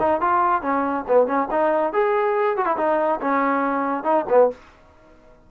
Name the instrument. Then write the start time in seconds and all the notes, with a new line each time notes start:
trombone
0.00 D#4
0.21 F4
0.62 C#4
1.08 B3
1.27 C#4
1.51 D#4
1.93 G#4
2.57 F#4
2.66 E4
2.77 D#4
3.21 C#4
4.04 D#4
4.29 B3